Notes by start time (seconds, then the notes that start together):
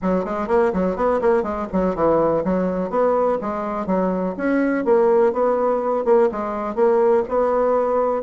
0.02 F#3
0.24 G#3
0.47 A#3
0.73 F#3
0.96 B3
1.21 A#3
1.42 G#3
1.72 F#3
1.95 E3
2.44 F#3
2.90 B3
3.41 G#3
3.86 F#3
4.37 C#4
4.84 A#3
5.32 B3
6.04 A#3
6.31 G#3
6.75 A#3
7.28 B3